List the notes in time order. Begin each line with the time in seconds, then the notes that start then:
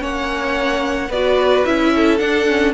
0.00 A#3 C#4 C#5 F#5
1.10 B3 F#4 B4 D5
1.65 C#4 E4 E5
1.95 A4
2.18 D4 F#5
2.49 C#4